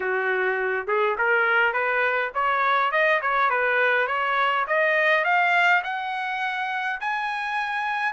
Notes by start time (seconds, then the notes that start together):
0.00 F#4
0.87 G#4
1.18 A#4
1.73 B4
2.34 C#5
2.91 D#5
3.21 C#5
3.50 B4
4.07 C#5
4.67 D#5
5.24 F5
5.83 F#5
7.00 G#5